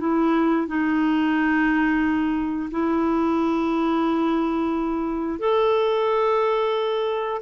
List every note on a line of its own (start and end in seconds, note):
0.00 0.67 E4
0.68 2.70 D#4
2.72 5.40 E4
5.40 7.42 A4